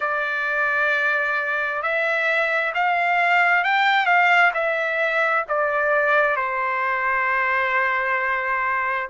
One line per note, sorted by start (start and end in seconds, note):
0.00 1.82 D5
1.82 2.73 E5
2.74 3.64 F5
3.64 4.06 G5
4.06 4.51 F5
4.54 5.45 E5
5.48 6.36 D5
6.36 9.09 C5